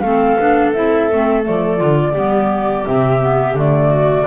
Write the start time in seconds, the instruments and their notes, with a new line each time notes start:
0.00 double bass A3, clarinet C4, viola A4, flute F5
0.40 double bass B3, clarinet D4
0.73 double bass C4, clarinet E4, flute E5
1.12 double bass A3, clarinet C4
1.43 double bass F3, clarinet A3, flute D5
1.78 double bass D3, clarinet F4
2.12 double bass G3, clarinet B3, viola G4
2.86 double bass C3, clarinet C4, flute E5
3.21 clarinet B3
3.54 double bass D3, clarinet A3, flute D5
3.90 viola F#4